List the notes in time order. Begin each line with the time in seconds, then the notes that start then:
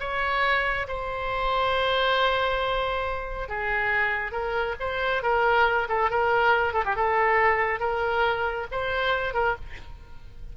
0.00 C#5
0.88 C5
3.48 G#4
4.32 A#4
4.80 C5
5.23 A#4
5.89 A4
6.10 A#4
6.74 A4
6.85 G4
6.96 A4
7.80 A#4
8.72 C5
9.34 A#4